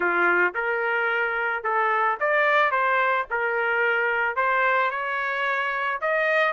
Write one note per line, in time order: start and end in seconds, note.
0.00 0.53 F4
0.54 1.63 A#4
1.63 2.18 A4
2.20 2.71 D5
2.71 3.25 C5
3.30 4.36 A#4
4.36 4.90 C5
4.90 6.00 C#5
6.01 6.53 D#5